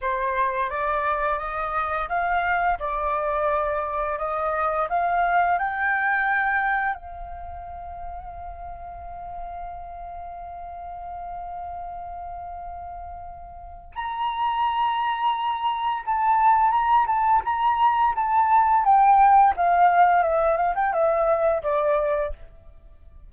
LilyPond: \new Staff \with { instrumentName = "flute" } { \time 4/4 \tempo 4 = 86 c''4 d''4 dis''4 f''4 | d''2 dis''4 f''4 | g''2 f''2~ | f''1~ |
f''1 | ais''2. a''4 | ais''8 a''8 ais''4 a''4 g''4 | f''4 e''8 f''16 g''16 e''4 d''4 | }